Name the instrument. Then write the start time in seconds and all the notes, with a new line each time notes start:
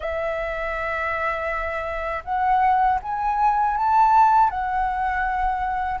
flute
0.00 E5
2.24 F#5
3.02 G#5
3.76 A5
4.50 F#5